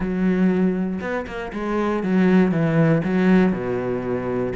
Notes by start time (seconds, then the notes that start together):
0.00 F#3
1.01 B3
1.26 A#3
1.52 G#3
2.03 F#3
2.51 E3
3.04 F#3
3.52 B2